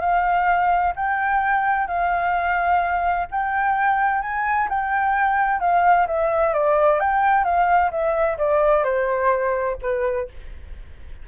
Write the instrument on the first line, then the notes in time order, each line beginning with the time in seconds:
flute
0.00 F5
0.96 G5
1.87 F5
3.31 G5
4.21 G#5
4.69 G5
5.60 F5
6.07 E5
6.53 D5
6.99 G5
7.44 F5
7.91 E5
8.37 D5
8.84 C5
9.82 B4